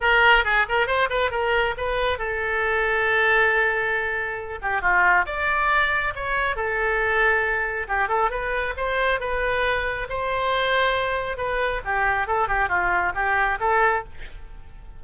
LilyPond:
\new Staff \with { instrumentName = "oboe" } { \time 4/4 \tempo 4 = 137 ais'4 gis'8 ais'8 c''8 b'8 ais'4 | b'4 a'2.~ | a'2~ a'8 g'8 f'4 | d''2 cis''4 a'4~ |
a'2 g'8 a'8 b'4 | c''4 b'2 c''4~ | c''2 b'4 g'4 | a'8 g'8 f'4 g'4 a'4 | }